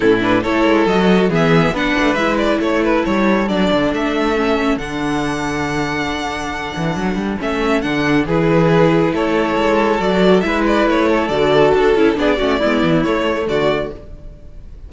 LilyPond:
<<
  \new Staff \with { instrumentName = "violin" } { \time 4/4 \tempo 4 = 138 a'8 b'8 cis''4 dis''4 e''4 | fis''4 e''8 d''8 cis''8 b'8 cis''4 | d''4 e''2 fis''4~ | fis''1~ |
fis''4 e''4 fis''4 b'4~ | b'4 cis''2 d''4 | e''8 d''8 cis''4 d''4 a'4 | d''2 cis''4 d''4 | }
  \new Staff \with { instrumentName = "violin" } { \time 4/4 e'4 a'2 gis'4 | b'2 a'2~ | a'1~ | a'1~ |
a'2. gis'4~ | gis'4 a'2. | b'4. a'2~ a'8 | gis'8 fis'8 e'2 fis'4 | }
  \new Staff \with { instrumentName = "viola" } { \time 4/4 cis'8 d'8 e'4 fis'4 b4 | d'4 e'2. | d'2 cis'4 d'4~ | d'1~ |
d'4 cis'4 d'4 e'4~ | e'2. fis'4 | e'2 fis'4. e'8 | d'8 cis'8 b4 a2 | }
  \new Staff \with { instrumentName = "cello" } { \time 4/4 a,4 a8 gis8 fis4 e4 | b8 a8 gis4 a4 g4 | fis8 d8 a2 d4~ | d2.~ d8 e8 |
fis8 g8 a4 d4 e4~ | e4 a4 gis4 fis4 | gis4 a4 d4 d'8 cis'8 | b8 a8 gis8 e8 a4 d4 | }
>>